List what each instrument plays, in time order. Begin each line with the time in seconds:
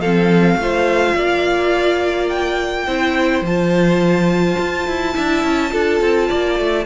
0.00 cello F3, viola C4, violin A4 F5
0.55 cello A3, viola F4, violin C5
1.15 cello A#3, violin D5
2.28 violin G5
2.86 cello C4, viola E4, violin C5
3.41 cello F3, viola F4, violin A5
4.59 cello F4
4.87 cello E4
5.14 cello D4, viola E4, violin E5
5.43 cello C#4
5.70 cello D4, viola F4, violin A4
6.00 cello C4
6.27 cello A#3, violin D5
6.59 cello A3